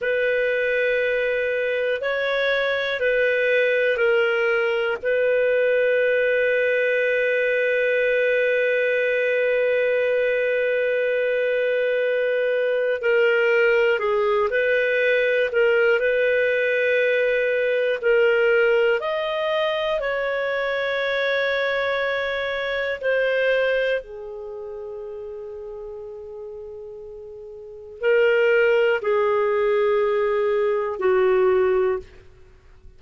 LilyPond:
\new Staff \with { instrumentName = "clarinet" } { \time 4/4 \tempo 4 = 60 b'2 cis''4 b'4 | ais'4 b'2.~ | b'1~ | b'4 ais'4 gis'8 b'4 ais'8 |
b'2 ais'4 dis''4 | cis''2. c''4 | gis'1 | ais'4 gis'2 fis'4 | }